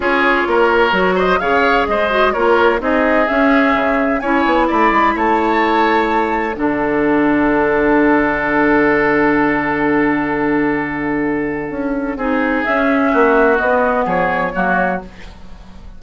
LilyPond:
<<
  \new Staff \with { instrumentName = "flute" } { \time 4/4 \tempo 4 = 128 cis''2~ cis''8 dis''8 f''4 | dis''4 cis''4 dis''4 e''4~ | e''4 gis''4 b''4 a''4~ | a''2 fis''2~ |
fis''1~ | fis''1~ | fis''2. e''4~ | e''4 dis''4 cis''2 | }
  \new Staff \with { instrumentName = "oboe" } { \time 4/4 gis'4 ais'4. c''8 cis''4 | c''4 ais'4 gis'2~ | gis'4 cis''4 d''4 cis''4~ | cis''2 a'2~ |
a'1~ | a'1~ | a'2 gis'2 | fis'2 gis'4 fis'4 | }
  \new Staff \with { instrumentName = "clarinet" } { \time 4/4 f'2 fis'4 gis'4~ | gis'8 fis'8 f'4 dis'4 cis'4~ | cis'4 e'2.~ | e'2 d'2~ |
d'1~ | d'1~ | d'2 dis'4 cis'4~ | cis'4 b2 ais4 | }
  \new Staff \with { instrumentName = "bassoon" } { \time 4/4 cis'4 ais4 fis4 cis4 | gis4 ais4 c'4 cis'4 | cis4 cis'8 b8 a8 gis8 a4~ | a2 d2~ |
d1~ | d1~ | d4 cis'4 c'4 cis'4 | ais4 b4 f4 fis4 | }
>>